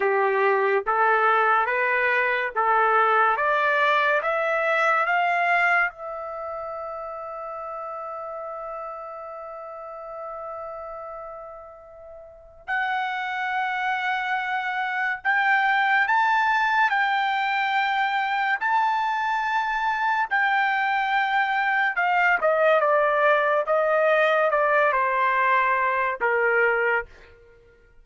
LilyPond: \new Staff \with { instrumentName = "trumpet" } { \time 4/4 \tempo 4 = 71 g'4 a'4 b'4 a'4 | d''4 e''4 f''4 e''4~ | e''1~ | e''2. fis''4~ |
fis''2 g''4 a''4 | g''2 a''2 | g''2 f''8 dis''8 d''4 | dis''4 d''8 c''4. ais'4 | }